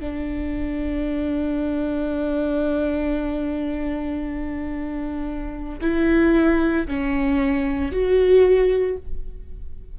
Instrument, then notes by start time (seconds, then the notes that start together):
viola
0.00 D4
5.81 E4
6.87 C#4
7.91 F#4